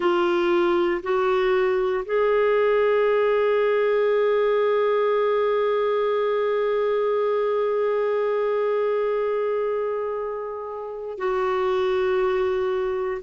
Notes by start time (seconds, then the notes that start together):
0.00 F4
1.02 F#4
2.05 G#4
11.18 F#4